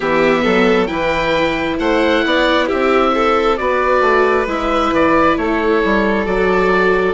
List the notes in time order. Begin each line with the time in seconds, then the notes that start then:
0.00 E3 B3 G4 E5
0.42 F#3 A4
0.86 E3 E4 B4 G5
1.79 A3 C5 F#5
2.25 B3 D5
2.66 C4 G4 E5
3.14 A4
3.57 B3 F#4 B4 D5
4.01 A3
4.46 G#3 E4 E5
4.91 E3 D5
5.37 A3 A4 C#5
5.84 G3
6.25 F#3 F#4 D5